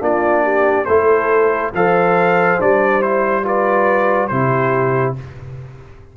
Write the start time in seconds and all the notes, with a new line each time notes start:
0.00 A#3 D4 F4 D5
0.44 G4
0.85 A3 E4 A4 C5
1.74 F3 A4 C5 F5
2.59 G3 D4 D5
3.02 E4 C5
3.44 F4 B4 D5
4.28 C3 E4 G4 C5